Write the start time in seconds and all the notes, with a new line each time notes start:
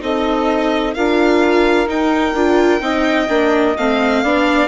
0.00 C4 D#4 A4 D#5
0.94 D4 F4 A#4 F5
1.86 D#4 G5
2.34 D4 F4
2.80 C4 D#4 D#5
3.29 A#3 D4
3.77 A3 C4 F5
4.22 B3 D4 D5